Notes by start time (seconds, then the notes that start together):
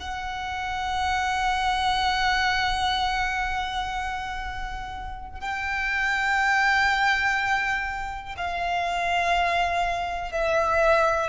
0.00 F#5
5.41 G5
8.37 F5
10.32 E5